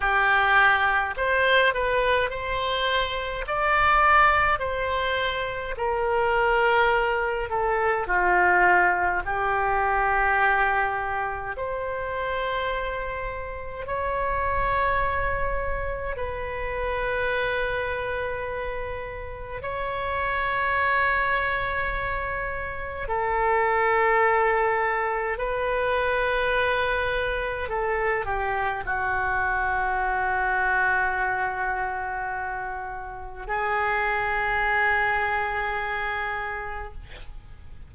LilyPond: \new Staff \with { instrumentName = "oboe" } { \time 4/4 \tempo 4 = 52 g'4 c''8 b'8 c''4 d''4 | c''4 ais'4. a'8 f'4 | g'2 c''2 | cis''2 b'2~ |
b'4 cis''2. | a'2 b'2 | a'8 g'8 fis'2.~ | fis'4 gis'2. | }